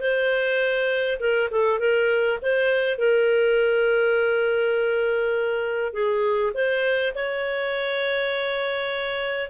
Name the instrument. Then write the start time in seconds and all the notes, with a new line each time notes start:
clarinet
0.00 C5
1.20 A#4
1.51 A4
1.80 A#4
2.42 C5
2.98 A#4
5.93 G#4
6.54 C5
7.15 C#5